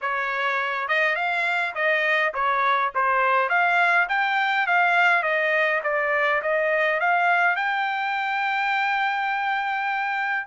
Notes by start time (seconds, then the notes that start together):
0.01 C#5
0.87 D#5
1.15 F5
1.74 D#5
2.34 C#5
2.94 C5
3.49 F5
4.08 G5
4.66 F5
5.23 D#5
5.83 D5
6.42 D#5
7.00 F5
7.56 G5